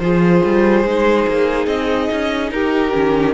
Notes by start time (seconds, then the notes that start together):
0.00 F3 F4 G#4 C5
0.46 G3
0.85 G#3 D#4
1.28 A#3
1.67 C4 D#5
2.12 C#4
2.51 D#4 G4 A#4
2.94 D#3 C#4